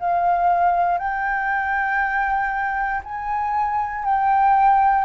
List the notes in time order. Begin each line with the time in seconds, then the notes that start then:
0.00 F5
0.98 G5
3.04 G#5
4.05 G5